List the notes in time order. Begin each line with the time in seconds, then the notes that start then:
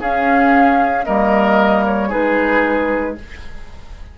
0.00 C#4 G#4 F5
1.05 G3 A#3 A#4 D#5
1.86 C#5
2.09 G#3 D#4 G#4 B4